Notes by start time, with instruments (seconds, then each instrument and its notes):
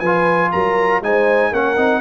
0.00 tuba F3, trombone F4, horn B4, trumpet G#5
0.52 tuba F#3, horn A#4, trumpet A#5
1.01 tuba G#3, trombone D#4, horn C5, trumpet G#5
1.51 tuba A#3, trombone C#4, horn A#4, trumpet F#5
1.77 tuba C4, trombone D#4